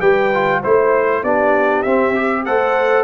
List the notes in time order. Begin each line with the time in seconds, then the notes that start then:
0.00 G3 G4 B4 G5
0.34 F4
0.61 A3 E4 C5
1.23 B3 D4 G4 D5
1.83 C4 E5
2.15 G4
2.45 A3 A4 C5 F#5